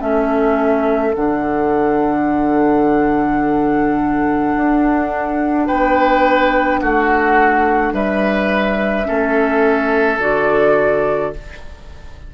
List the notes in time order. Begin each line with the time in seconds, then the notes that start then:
0.00 A3 C#4 A4 E5
1.14 D3 D4 F#5
4.56 D4
5.67 B3 B4 G5
6.80 A3 F#4 F#5
7.93 G3 B4 E5
9.05 A3 C#4 A4
10.20 D3 F#4 D5